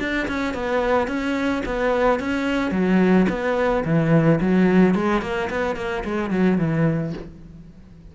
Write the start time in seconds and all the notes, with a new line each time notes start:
0.00 D4
0.28 C#4
0.54 B3
1.08 C#4
1.66 B3
2.20 C#4
2.71 F#3
3.29 B3
3.85 E3
4.41 F#3
4.95 G#3
5.22 A#3
5.50 B3
5.76 A#3
6.05 G#3
6.31 F#3
6.58 E3